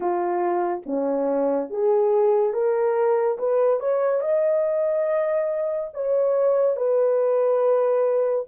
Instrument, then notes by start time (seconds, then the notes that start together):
horn
0.00 F4
0.86 C#4
1.69 G#4
2.53 A#4
3.38 B4
3.80 C#5
4.20 D#5
5.93 C#5
6.76 B4